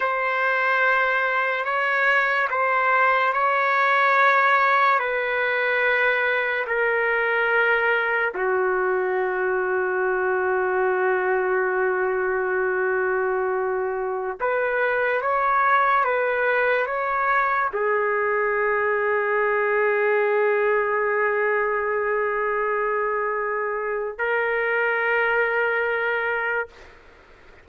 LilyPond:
\new Staff \with { instrumentName = "trumpet" } { \time 4/4 \tempo 4 = 72 c''2 cis''4 c''4 | cis''2 b'2 | ais'2 fis'2~ | fis'1~ |
fis'4~ fis'16 b'4 cis''4 b'8.~ | b'16 cis''4 gis'2~ gis'8.~ | gis'1~ | gis'4 ais'2. | }